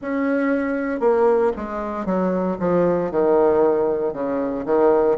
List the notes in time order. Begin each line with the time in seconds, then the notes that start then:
0.01 C#4
1.00 A#3
1.56 G#3
2.05 F#3
2.59 F3
3.11 D#3
4.13 C#3
4.66 D#3